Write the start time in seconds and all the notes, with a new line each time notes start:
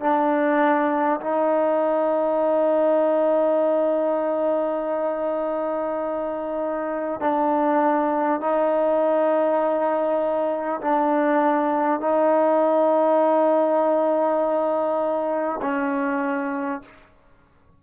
0.00 D4
1.20 D#4
7.21 D4
8.40 D#4
10.81 D4
12.00 D#4
15.62 C#4